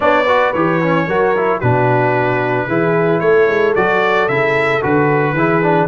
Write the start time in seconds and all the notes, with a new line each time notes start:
0.00 B3 D4 C#5 D5
0.25 F#4 B4
0.53 E3 G4 C#5
0.82 C#4
1.07 F#3 F#4 A#4
1.36 E4
1.58 B2 D4 F#4 B4
2.67 E3 E4 G#4
3.20 A3 A4 C#5
3.47 G#3
3.75 F#3 F#4 D5
4.28 C#3 E4 E5
4.81 D3 F#4 B4
5.33 E3 E4 G#4
5.62 D4